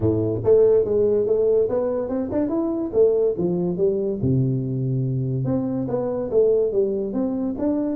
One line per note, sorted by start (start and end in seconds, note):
0.00 0.41 A2
0.44 0.84 A3
0.84 1.26 G#3
1.26 1.68 A3
1.69 2.08 B3
2.08 2.29 C4
2.31 2.48 D4
2.48 2.90 E4
2.93 3.35 A3
3.37 3.77 F3
3.77 4.19 G3
4.21 5.44 C3
5.44 5.86 C4
5.88 6.30 B3
6.31 6.72 A3
6.72 7.13 G3
7.13 7.55 C4
7.58 7.95 D4